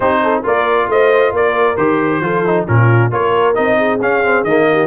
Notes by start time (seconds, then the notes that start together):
0.00 C4 D#4 G4 C5
0.23 A4
0.43 A#3 F4 A#4 D5
0.88 A3 C5 D#5
1.32 A#3 A#4 D5
1.76 D#3 G4 C5
2.20 F3 F4 A4
2.45 D#4
2.67 A#2 C#4 F4 A#4
3.11 A#3 F4 A#4 C#5
3.54 C4 D#4 D#5
3.77 G#4
4.01 C#4 F5
4.23 C4
4.43 D#3 A#3 D#5
4.71 G4